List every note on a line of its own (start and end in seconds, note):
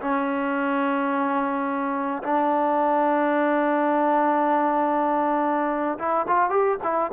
0.00 2.22 C#4
2.23 5.98 D4
5.98 6.26 E4
6.27 6.49 F4
6.49 6.77 G4
6.83 7.11 E4